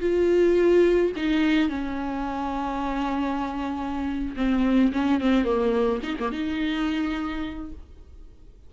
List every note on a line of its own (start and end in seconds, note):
0.00 1.12 F4
1.16 1.69 D#4
1.69 4.35 C#4
4.36 4.92 C4
4.92 5.20 C#4
5.20 5.44 C4
5.44 6.01 A#3
6.03 6.17 D#4
6.19 6.32 A#3
6.32 7.72 D#4